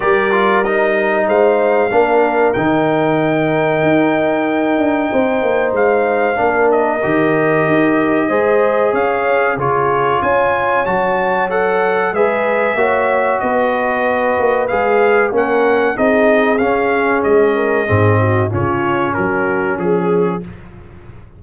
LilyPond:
<<
  \new Staff \with { instrumentName = "trumpet" } { \time 4/4 \tempo 4 = 94 d''4 dis''4 f''2 | g''1~ | g''4 f''4. dis''4.~ | dis''2 f''4 cis''4 |
gis''4 a''4 fis''4 e''4~ | e''4 dis''2 f''4 | fis''4 dis''4 f''4 dis''4~ | dis''4 cis''4 ais'4 gis'4 | }
  \new Staff \with { instrumentName = "horn" } { \time 4/4 ais'2 c''4 ais'4~ | ais'1 | c''2 ais'2~ | ais'4 c''4 cis''4 gis'4 |
cis''2. b'4 | cis''4 b'2. | ais'4 gis'2~ gis'8 ais'8 | gis'8 fis'8 f'4 fis'4 gis'4 | }
  \new Staff \with { instrumentName = "trombone" } { \time 4/4 g'8 f'8 dis'2 d'4 | dis'1~ | dis'2 d'4 g'4~ | g'4 gis'2 f'4~ |
f'4 fis'4 a'4 gis'4 | fis'2. gis'4 | cis'4 dis'4 cis'2 | c'4 cis'2. | }
  \new Staff \with { instrumentName = "tuba" } { \time 4/4 g2 gis4 ais4 | dis2 dis'4. d'8 | c'8 ais8 gis4 ais4 dis4 | dis'4 gis4 cis'4 cis4 |
cis'4 fis2 gis4 | ais4 b4. ais8 gis4 | ais4 c'4 cis'4 gis4 | gis,4 cis4 fis4 f4 | }
>>